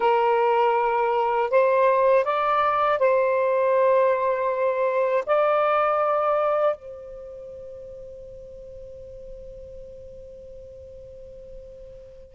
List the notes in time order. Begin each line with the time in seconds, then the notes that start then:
0.00 A#4
1.50 C5
2.24 D5
2.99 C5
5.26 D5
6.76 C5